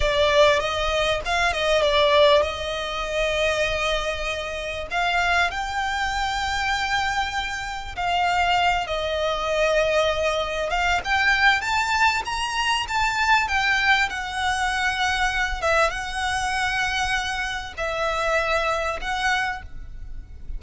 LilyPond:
\new Staff \with { instrumentName = "violin" } { \time 4/4 \tempo 4 = 98 d''4 dis''4 f''8 dis''8 d''4 | dis''1 | f''4 g''2.~ | g''4 f''4. dis''4.~ |
dis''4. f''8 g''4 a''4 | ais''4 a''4 g''4 fis''4~ | fis''4. e''8 fis''2~ | fis''4 e''2 fis''4 | }